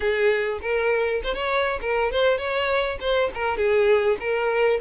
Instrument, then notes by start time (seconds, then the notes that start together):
violin
0.00 G#4
0.61 A#4
1.23 C5
1.34 C#5
1.81 A#4
2.11 C5
2.38 C#5
3.00 C5
3.34 A#4
3.57 G#4
4.19 A#4